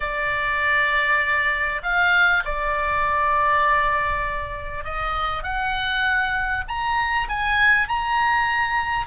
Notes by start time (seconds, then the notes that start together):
0.00 D5
1.82 F5
2.44 D5
4.84 D#5
5.43 F#5
6.67 A#5
7.28 G#5
7.88 A#5